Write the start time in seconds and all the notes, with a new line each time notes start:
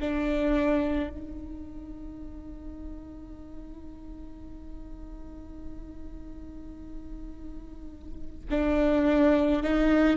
0.00 D4
1.10 D#4
8.50 D4
9.63 D#4